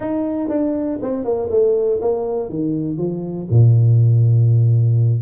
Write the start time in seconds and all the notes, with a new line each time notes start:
0.00 D#4
0.48 D4
1.02 C4
1.24 A#3
1.50 A3
2.01 A#3
2.49 D#3
2.97 F3
3.50 A#2